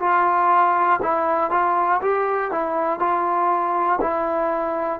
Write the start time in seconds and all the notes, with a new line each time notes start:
0.00 F4
1.03 E4
1.51 F4
2.02 G4
2.52 E4
3.00 F4
4.01 E4